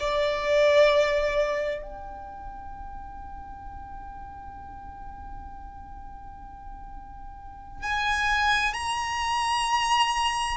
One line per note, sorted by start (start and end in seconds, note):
0.00 1.83 D5
1.83 7.83 G5
7.83 8.74 G#5
8.74 10.58 A#5